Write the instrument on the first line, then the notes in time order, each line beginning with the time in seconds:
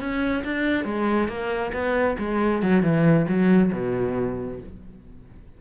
cello
0.00 C#4
0.44 D4
0.85 G#3
1.29 A#3
1.73 B3
2.19 G#3
2.62 F#3
2.83 E3
3.28 F#3
3.73 B2